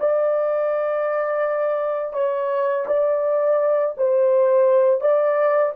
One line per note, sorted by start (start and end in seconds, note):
0.00 2.13 D5
2.13 2.86 C#5
2.87 3.95 D5
3.97 5.01 C5
5.01 5.73 D5